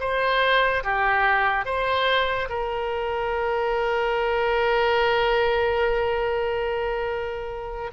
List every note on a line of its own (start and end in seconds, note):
0.00 0.83 C5
0.84 1.66 G4
1.66 2.49 C5
2.50 7.91 A#4